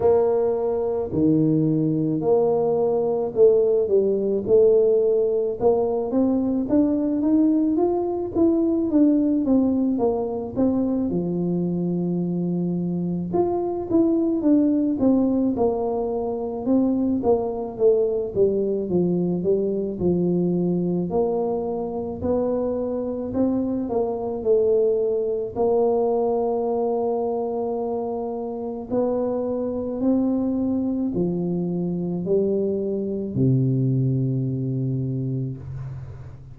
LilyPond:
\new Staff \with { instrumentName = "tuba" } { \time 4/4 \tempo 4 = 54 ais4 dis4 ais4 a8 g8 | a4 ais8 c'8 d'8 dis'8 f'8 e'8 | d'8 c'8 ais8 c'8 f2 | f'8 e'8 d'8 c'8 ais4 c'8 ais8 |
a8 g8 f8 g8 f4 ais4 | b4 c'8 ais8 a4 ais4~ | ais2 b4 c'4 | f4 g4 c2 | }